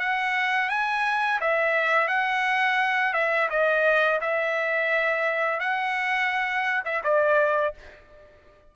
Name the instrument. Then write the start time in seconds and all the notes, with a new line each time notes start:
trumpet
0.00 F#5
0.70 G#5
1.41 E5
2.08 F#5
3.14 E5
3.50 D#5
4.22 E5
5.60 F#5
6.85 E5
7.04 D5